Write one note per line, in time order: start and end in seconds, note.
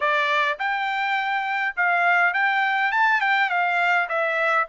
0.00 0.58 D5
0.59 1.75 G5
1.76 2.33 F5
2.33 2.91 G5
2.91 3.20 A5
3.20 3.49 G5
3.49 4.08 F5
4.08 4.67 E5